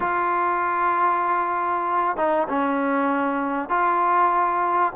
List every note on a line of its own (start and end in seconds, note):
0.00 2.16 F4
2.16 2.47 D#4
2.49 3.69 C#4
3.69 4.93 F4